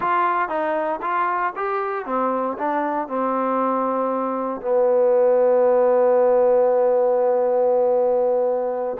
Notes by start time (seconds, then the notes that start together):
0.00 F4
0.48 D#4
1.01 F4
1.55 G4
2.05 C4
2.58 D4
3.07 C4
4.61 B3